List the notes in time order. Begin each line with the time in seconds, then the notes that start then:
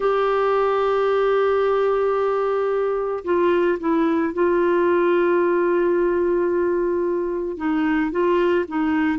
0.00 G4
3.24 F4
3.79 E4
4.33 F4
7.57 D#4
8.11 F4
8.68 D#4